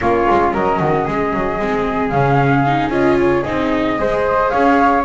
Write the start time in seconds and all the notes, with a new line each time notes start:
0.00 A#3 C#4 F4 C#5
0.30 G#3
0.53 F#3 A#4 D#5
0.78 D#3 F#4
1.05 G#3 G#4
1.33 F#3
1.58 G#3 C4
2.09 C#3 C#4 F5
2.66 D#4
2.88 C#4 F4 D#5
3.18 C#5
3.43 C4 D#4 D#5
3.98 G#3 G#4 C5
4.49 C#4 C#5 F5